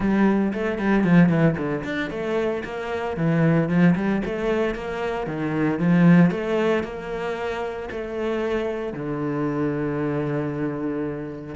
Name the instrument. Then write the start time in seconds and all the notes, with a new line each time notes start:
cello
0.00 G3
0.53 A3
0.78 G3
1.04 F3
1.29 E3
1.57 D3
1.83 D4
2.10 A3
2.64 A#3
3.16 E3
3.68 F3
3.95 G3
4.25 A3
4.75 A#3
5.26 D#3
5.79 F3
6.30 A3
6.83 A#3
7.91 A3
8.93 D3